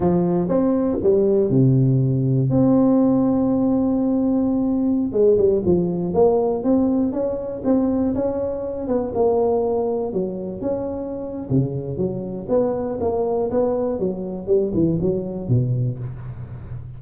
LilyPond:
\new Staff \with { instrumentName = "tuba" } { \time 4/4 \tempo 4 = 120 f4 c'4 g4 c4~ | c4 c'2.~ | c'2~ c'16 gis8 g8 f8.~ | f16 ais4 c'4 cis'4 c'8.~ |
c'16 cis'4. b8 ais4.~ ais16~ | ais16 fis4 cis'4.~ cis'16 cis4 | fis4 b4 ais4 b4 | fis4 g8 e8 fis4 b,4 | }